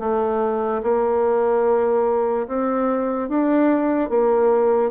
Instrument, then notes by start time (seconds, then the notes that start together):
bassoon
0.00 A3
0.83 A#3
2.48 C4
3.29 D4
4.10 A#3